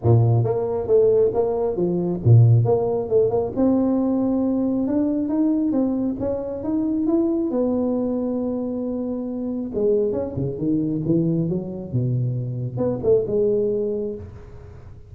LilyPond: \new Staff \with { instrumentName = "tuba" } { \time 4/4 \tempo 4 = 136 ais,4 ais4 a4 ais4 | f4 ais,4 ais4 a8 ais8 | c'2. d'4 | dis'4 c'4 cis'4 dis'4 |
e'4 b2.~ | b2 gis4 cis'8 cis8 | dis4 e4 fis4 b,4~ | b,4 b8 a8 gis2 | }